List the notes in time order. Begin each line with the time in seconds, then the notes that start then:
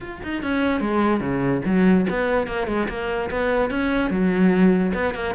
0.01 F4
0.23 D#4
0.43 C#4
0.80 G#3
1.20 C#3
1.65 F#3
2.09 B3
2.47 A#3
2.67 G#3
2.89 A#3
3.30 B3
3.70 C#4
4.10 F#3
4.94 B3
5.14 A#3